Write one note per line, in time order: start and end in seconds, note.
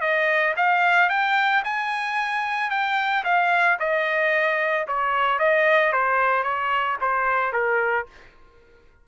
0.00 0.54 D#5
0.56 1.09 F5
1.09 1.63 G5
1.64 2.70 G#5
2.70 3.23 G5
3.24 3.77 F5
3.79 4.86 D#5
4.87 5.39 C#5
5.39 5.92 D#5
5.92 6.43 C5
6.43 6.96 C#5
7.01 7.52 C5
7.52 8.06 A#4